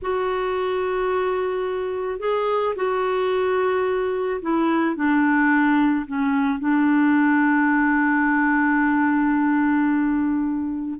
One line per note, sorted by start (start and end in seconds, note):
0.02 2.19 F#4
2.19 2.74 G#4
2.75 4.40 F#4
4.41 4.95 E4
4.95 6.05 D4
6.06 6.59 C#4
6.59 10.99 D4